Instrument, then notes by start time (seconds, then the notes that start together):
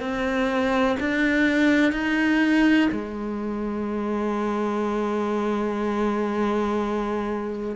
cello
0.00 C4
1.00 D4
1.92 D#4
2.92 G#3